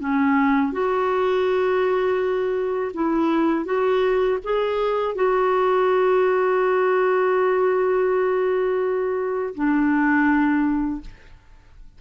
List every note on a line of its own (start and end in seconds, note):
0.00 0.73 C#4
0.73 2.92 F#4
2.94 3.65 E4
3.65 4.38 F#4
4.44 5.15 G#4
5.15 9.54 F#4
9.55 11.01 D4